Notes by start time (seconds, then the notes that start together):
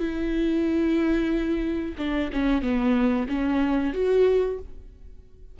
0.00 E4
1.98 D4
2.33 C#4
2.62 B3
3.29 C#4
3.94 F#4